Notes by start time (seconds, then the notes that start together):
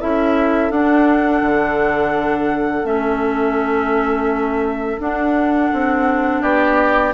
0.00 C#4 E4 A4 E5
0.71 D4 F#5
1.42 D3
2.84 A3 C#4 E5
4.99 D4 F#5
5.73 C4
6.42 B3 G4 D5